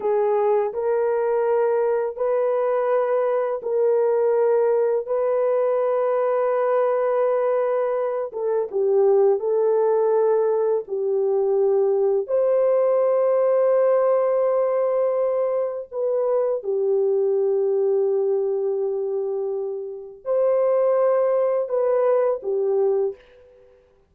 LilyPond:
\new Staff \with { instrumentName = "horn" } { \time 4/4 \tempo 4 = 83 gis'4 ais'2 b'4~ | b'4 ais'2 b'4~ | b'2.~ b'8 a'8 | g'4 a'2 g'4~ |
g'4 c''2.~ | c''2 b'4 g'4~ | g'1 | c''2 b'4 g'4 | }